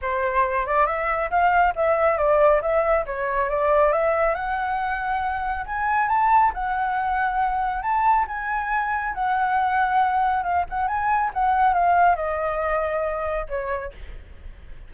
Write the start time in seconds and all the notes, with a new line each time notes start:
0.01 C5
0.66 D5
0.86 E5
1.30 F5
1.75 E5
2.17 D5
2.61 E5
3.06 C#5
3.49 D5
3.92 E5
4.35 F#5
5.65 G#5
6.08 A5
6.53 F#5
7.82 A5
8.27 G#5
9.14 F#5
10.43 F5
10.69 F#5
10.87 G#5
11.33 F#5
11.73 F5
12.15 D#5
13.48 C#5